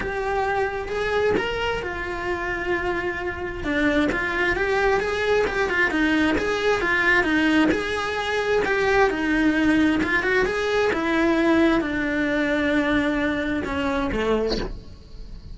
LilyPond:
\new Staff \with { instrumentName = "cello" } { \time 4/4 \tempo 4 = 132 g'2 gis'4 ais'4 | f'1 | d'4 f'4 g'4 gis'4 | g'8 f'8 dis'4 gis'4 f'4 |
dis'4 gis'2 g'4 | dis'2 f'8 fis'8 gis'4 | e'2 d'2~ | d'2 cis'4 a4 | }